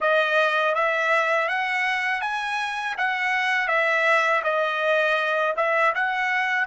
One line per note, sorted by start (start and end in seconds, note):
0.00 0.74 D#5
0.74 1.48 E5
1.48 2.21 F#5
2.21 2.95 G#5
2.97 3.68 F#5
3.68 4.42 E5
4.43 5.54 D#5
5.56 5.93 E5
5.95 6.67 F#5